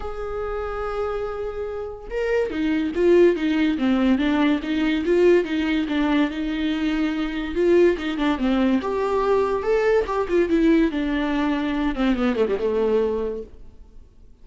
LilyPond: \new Staff \with { instrumentName = "viola" } { \time 4/4 \tempo 4 = 143 gis'1~ | gis'4 ais'4 dis'4 f'4 | dis'4 c'4 d'4 dis'4 | f'4 dis'4 d'4 dis'4~ |
dis'2 f'4 dis'8 d'8 | c'4 g'2 a'4 | g'8 f'8 e'4 d'2~ | d'8 c'8 b8 a16 g16 a2 | }